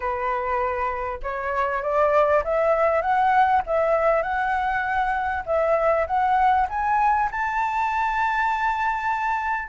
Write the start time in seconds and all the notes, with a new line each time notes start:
0.00 B4
1.22 C#5
1.82 D5
2.44 E5
3.01 F#5
3.66 E5
4.22 F#5
5.45 E5
6.06 F#5
6.69 G#5
7.31 A5